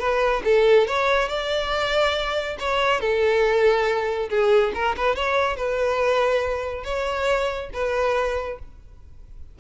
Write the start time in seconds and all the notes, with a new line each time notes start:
0.00 B4
0.45 A4
0.88 C#5
1.29 D5
2.60 C#5
3.01 A4
4.30 G#4
4.75 A#4
4.97 B4
5.16 C#5
5.57 B4
6.85 C#5
7.74 B4